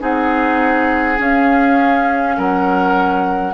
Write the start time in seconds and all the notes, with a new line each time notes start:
0.00 C4 D#4 G#4 F#5
1.18 C#4 F5
2.38 F#3 A#4 F#5